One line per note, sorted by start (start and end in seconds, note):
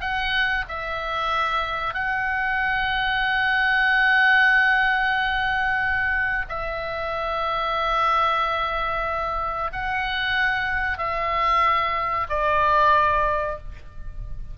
0.00 0.65 F#5
0.68 1.94 E5
1.94 6.45 F#5
6.48 9.71 E5
9.72 10.98 F#5
10.98 12.27 E5
12.29 13.58 D5